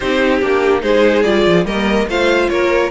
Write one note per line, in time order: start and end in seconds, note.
0.00 0.41 C4
0.00 0.41 D#4
0.00 0.81 G4
0.00 0.39 C5
0.41 0.82 A#3
0.41 0.81 D4
0.41 0.82 G4
0.81 1.24 G#3
0.81 1.23 D#4
0.81 1.65 G#4
0.81 1.23 C5
1.23 1.45 G3
1.23 1.65 F4
1.23 1.64 D5
1.46 1.65 F3
1.65 2.07 G3
1.65 2.07 A#3
1.65 2.08 A#4
1.65 2.08 D#5
2.07 2.49 A3
2.07 2.91 F4
2.07 2.50 C5
2.07 2.49 F5
2.49 2.91 A#3
2.49 2.91 A#4
2.49 2.90 C#5